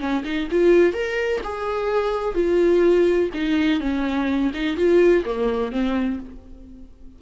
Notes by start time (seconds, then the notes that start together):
0.00 C#4
0.25 D#4
0.52 F4
0.94 A#4
1.44 G#4
2.35 F4
3.34 D#4
3.81 C#4
4.54 D#4
4.77 F4
5.26 A#3
5.72 C4